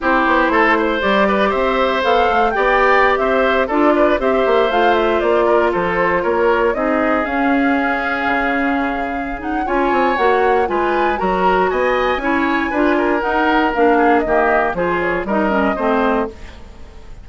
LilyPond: <<
  \new Staff \with { instrumentName = "flute" } { \time 4/4 \tempo 4 = 118 c''2 d''4 e''4 | f''4 g''4~ g''16 e''4 d''8.~ | d''16 e''4 f''8 e''8 d''4 c''8.~ | c''16 cis''4 dis''4 f''4.~ f''16~ |
f''2~ f''8 fis''8 gis''4 | fis''4 gis''4 ais''4 gis''4~ | gis''2 fis''4 f''4 | dis''4 c''8 cis''8 dis''2 | }
  \new Staff \with { instrumentName = "oboe" } { \time 4/4 g'4 a'8 c''4 b'8 c''4~ | c''4 d''4~ d''16 c''4 a'8 b'16~ | b'16 c''2~ c''8 ais'8 a'8.~ | a'16 ais'4 gis'2~ gis'8.~ |
gis'2. cis''4~ | cis''4 b'4 ais'4 dis''4 | cis''4 b'8 ais'2 gis'8 | g'4 gis'4 ais'4 c''4 | }
  \new Staff \with { instrumentName = "clarinet" } { \time 4/4 e'2 g'2 | a'4 g'2~ g'16 f'8.~ | f'16 g'4 f'2~ f'8.~ | f'4~ f'16 dis'4 cis'4.~ cis'16~ |
cis'2~ cis'8 dis'8 f'4 | fis'4 f'4 fis'2 | e'4 f'4 dis'4 d'4 | ais4 f'4 dis'8 cis'8 c'4 | }
  \new Staff \with { instrumentName = "bassoon" } { \time 4/4 c'8 b8 a4 g4 c'4 | b8 a8 b4~ b16 c'4 d'8.~ | d'16 c'8 ais8 a4 ais4 f8.~ | f16 ais4 c'4 cis'4.~ cis'16~ |
cis'16 cis2~ cis8. cis'8 c'8 | ais4 gis4 fis4 b4 | cis'4 d'4 dis'4 ais4 | dis4 f4 g4 a4 | }
>>